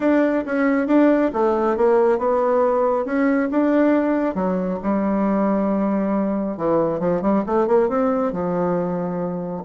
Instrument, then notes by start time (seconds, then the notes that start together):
bassoon
0.00 D4
0.45 C#4
0.87 D4
1.33 A3
1.77 A#3
2.18 B3
3.05 C#4
3.50 D4
4.35 F#3
4.82 G3
6.57 E3
6.99 F3
7.21 G3
7.46 A3
7.67 A#3
7.88 C4
8.32 F3